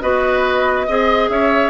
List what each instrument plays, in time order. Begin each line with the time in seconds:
0.00 bassoon B3, clarinet F#4, oboe B4, flute D#5
0.86 bassoon C4, clarinet G#4, oboe D#5
1.29 bassoon C#4, oboe C#5, flute E5